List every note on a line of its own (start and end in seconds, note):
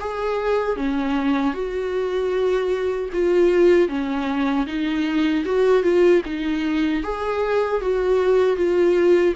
0.00 0.76 G#4
0.76 1.53 C#4
1.53 3.09 F#4
3.12 3.88 F4
3.88 4.66 C#4
4.66 5.44 D#4
5.45 5.83 F#4
5.83 6.22 F4
6.25 7.03 D#4
7.03 7.81 G#4
7.81 8.56 F#4
8.56 9.34 F4